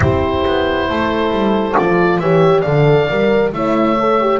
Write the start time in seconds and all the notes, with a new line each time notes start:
0.00 C4 E4 G4 C5
0.46 B3
0.89 A3 A4
1.31 G3
1.77 F3 F4 D5
2.19 E3 G4 C#5 E5
2.61 D3 A4 D5 F5
3.09 G3 A#4
3.52 A3 E4 C#5 E5
3.99 A4
4.20 G4